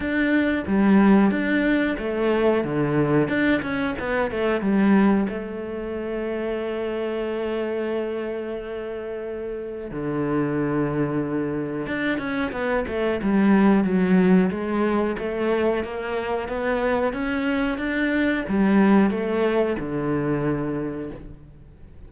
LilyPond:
\new Staff \with { instrumentName = "cello" } { \time 4/4 \tempo 4 = 91 d'4 g4 d'4 a4 | d4 d'8 cis'8 b8 a8 g4 | a1~ | a2. d4~ |
d2 d'8 cis'8 b8 a8 | g4 fis4 gis4 a4 | ais4 b4 cis'4 d'4 | g4 a4 d2 | }